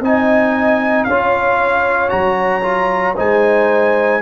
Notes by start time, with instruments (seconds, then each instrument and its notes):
0.00 tuba C4, trombone D#4, horn D#5, trumpet G#5
1.04 tuba C#4, horn C#5, trumpet F5
1.11 trombone F4
2.09 tuba F#3, trombone F#4, trumpet A#5
2.62 trombone F4
3.16 tuba G#3, trombone D#4, horn C5, trumpet G#5